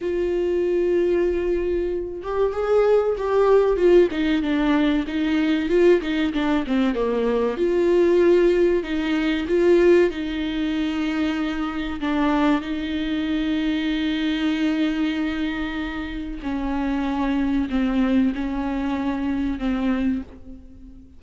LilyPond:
\new Staff \with { instrumentName = "viola" } { \time 4/4 \tempo 4 = 95 f'2.~ f'8 g'8 | gis'4 g'4 f'8 dis'8 d'4 | dis'4 f'8 dis'8 d'8 c'8 ais4 | f'2 dis'4 f'4 |
dis'2. d'4 | dis'1~ | dis'2 cis'2 | c'4 cis'2 c'4 | }